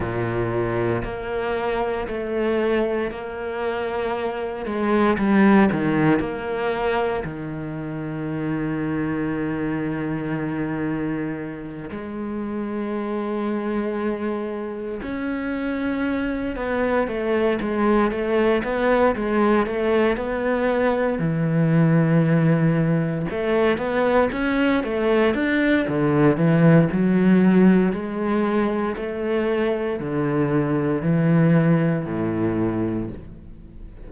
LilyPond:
\new Staff \with { instrumentName = "cello" } { \time 4/4 \tempo 4 = 58 ais,4 ais4 a4 ais4~ | ais8 gis8 g8 dis8 ais4 dis4~ | dis2.~ dis8 gis8~ | gis2~ gis8 cis'4. |
b8 a8 gis8 a8 b8 gis8 a8 b8~ | b8 e2 a8 b8 cis'8 | a8 d'8 d8 e8 fis4 gis4 | a4 d4 e4 a,4 | }